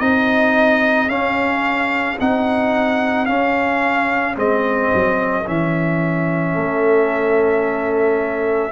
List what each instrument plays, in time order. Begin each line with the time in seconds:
0.00 tuba C4, trombone D#4, horn G#4, trumpet D#5
1.08 tuba C#4, trombone C#4, trumpet F5
2.20 tuba C4, trombone D#4, trumpet F#5
3.26 trombone C#4, tuba C#4, trumpet F5
4.35 tuba G#3, trombone C4, trumpet D#5
4.94 tuba F#3
5.47 tuba E3, trombone C#4, trumpet E5
6.55 tuba A3, horn A4